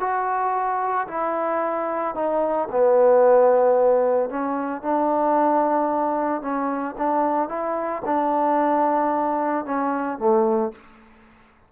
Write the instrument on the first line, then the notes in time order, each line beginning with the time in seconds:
trombone
0.00 F#4
1.08 E4
2.15 D#4
2.71 B3
4.30 C#4
4.82 D4
6.42 C#4
6.98 D4
7.49 E4
8.05 D4
9.65 C#4
10.18 A3